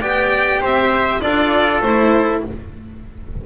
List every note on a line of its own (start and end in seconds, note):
0.00 0.61 B3
0.00 1.20 G4
0.00 0.61 D5
0.00 0.62 G5
0.61 1.22 C4
0.61 1.21 C5
0.61 1.20 E5
1.20 1.82 D4
1.20 1.82 F4
1.20 2.43 A4
1.20 1.80 D5
1.81 2.42 A3
1.81 2.45 E4
1.81 2.41 C5